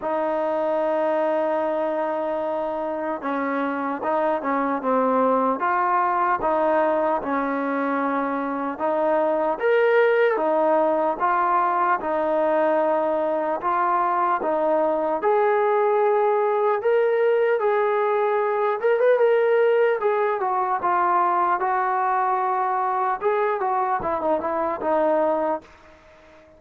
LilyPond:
\new Staff \with { instrumentName = "trombone" } { \time 4/4 \tempo 4 = 75 dis'1 | cis'4 dis'8 cis'8 c'4 f'4 | dis'4 cis'2 dis'4 | ais'4 dis'4 f'4 dis'4~ |
dis'4 f'4 dis'4 gis'4~ | gis'4 ais'4 gis'4. ais'16 b'16 | ais'4 gis'8 fis'8 f'4 fis'4~ | fis'4 gis'8 fis'8 e'16 dis'16 e'8 dis'4 | }